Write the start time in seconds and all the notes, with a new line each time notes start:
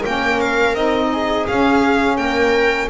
0.00 A#3 C#4 A#4 G5
0.40 F5
0.75 C4 D#4 D#5
1.12 G#4
1.47 C#4 F5
2.17 A#3 A#4 G5